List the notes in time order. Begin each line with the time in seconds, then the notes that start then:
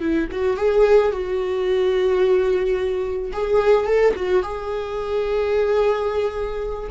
0.00 E4
0.32 F#4
0.57 G#4
1.12 F#4
3.33 G#4
3.87 A4
4.16 F#4
4.43 G#4